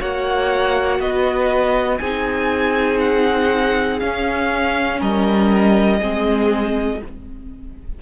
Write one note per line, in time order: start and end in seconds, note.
0.00 1.00 A#3
0.00 2.00 F#4
0.00 1.00 C#5
0.00 1.01 F#5
1.00 2.00 B3
1.00 2.00 B4
1.00 1.99 D#5
1.99 4.01 C4
1.99 4.00 D#4
1.99 4.99 G#4
1.99 2.99 G#5
3.00 4.00 F#5
4.00 6.00 C#4
4.00 5.01 C#4
4.00 5.00 F5
4.99 6.01 G3
4.99 5.99 A#4
4.99 7.02 D#5
5.99 7.02 G#3
5.99 7.01 C4
5.99 6.99 G#4